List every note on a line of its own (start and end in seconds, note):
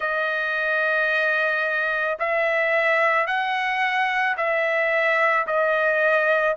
0.00 2.17 D#5
2.19 3.27 E5
3.27 4.36 F#5
4.37 5.46 E5
5.46 6.56 D#5